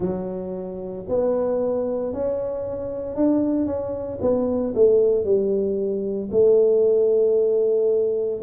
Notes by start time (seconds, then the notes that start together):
0.00 F#3
1.08 B3
2.13 C#4
3.15 D4
3.66 C#4
4.21 B3
4.75 A3
5.24 G3
6.31 A3